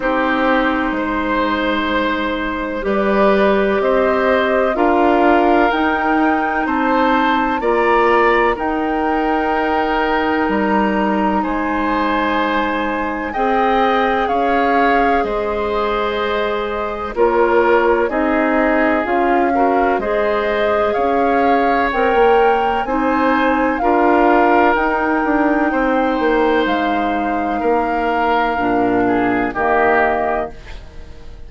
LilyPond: <<
  \new Staff \with { instrumentName = "flute" } { \time 4/4 \tempo 4 = 63 c''2. d''4 | dis''4 f''4 g''4 a''4 | ais''4 g''2 ais''4 | gis''2 g''4 f''4 |
dis''2 cis''4 dis''4 | f''4 dis''4 f''4 g''4 | gis''4 f''4 g''2 | f''2. dis''4 | }
  \new Staff \with { instrumentName = "oboe" } { \time 4/4 g'4 c''2 b'4 | c''4 ais'2 c''4 | d''4 ais'2. | c''2 dis''4 cis''4 |
c''2 ais'4 gis'4~ | gis'8 ais'8 c''4 cis''2 | c''4 ais'2 c''4~ | c''4 ais'4. gis'8 g'4 | }
  \new Staff \with { instrumentName = "clarinet" } { \time 4/4 dis'2. g'4~ | g'4 f'4 dis'2 | f'4 dis'2.~ | dis'2 gis'2~ |
gis'2 f'4 dis'4 | f'8 fis'8 gis'2 ais'4 | dis'4 f'4 dis'2~ | dis'2 d'4 ais4 | }
  \new Staff \with { instrumentName = "bassoon" } { \time 4/4 c'4 gis2 g4 | c'4 d'4 dis'4 c'4 | ais4 dis'2 g4 | gis2 c'4 cis'4 |
gis2 ais4 c'4 | cis'4 gis4 cis'4 c'16 ais8. | c'4 d'4 dis'8 d'8 c'8 ais8 | gis4 ais4 ais,4 dis4 | }
>>